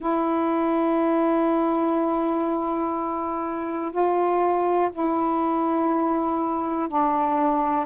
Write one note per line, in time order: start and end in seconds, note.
0.00 3.91 E4
3.91 4.90 F4
4.92 6.88 E4
6.88 7.85 D4